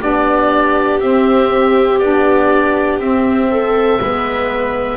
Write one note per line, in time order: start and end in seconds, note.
0.00 1.01 B3
0.00 1.01 D4
0.00 3.50 G4
0.00 1.00 D5
1.00 2.00 C4
1.00 2.01 C4
1.00 1.99 E5
1.99 2.99 B3
1.99 3.01 D4
1.99 2.99 D5
2.99 3.99 C4
2.99 4.01 C4
2.99 4.97 E5
3.51 4.00 A4
4.00 4.97 G#3
4.00 4.97 B3
4.00 4.97 B4